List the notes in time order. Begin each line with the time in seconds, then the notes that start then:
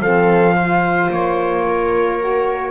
0.00 F3 C4 A4 F5
0.55 F4 C5
1.10 A#3 C#5
1.68 A#4
2.20 F#4